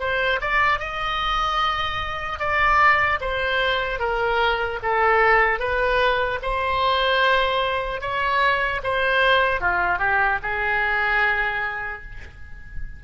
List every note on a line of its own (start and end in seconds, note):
0.00 0.40 C5
0.41 0.79 D5
0.79 2.39 D#5
2.40 3.20 D5
3.21 4.00 C5
4.00 4.80 A#4
4.83 5.59 A4
5.59 6.39 B4
6.43 8.01 C5
8.01 8.81 C#5
8.83 9.60 C5
9.60 9.99 F4
9.99 10.39 G4
10.43 12.03 G#4